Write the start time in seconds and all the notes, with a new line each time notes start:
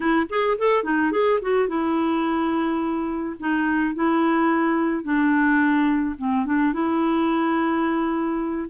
0.00 E4
0.29 G#4
0.58 A4
0.83 D#4
1.11 G#4
1.41 F#4
1.68 E4
3.39 D#4
3.95 E4
5.03 D4
6.17 C4
6.45 D4
6.73 E4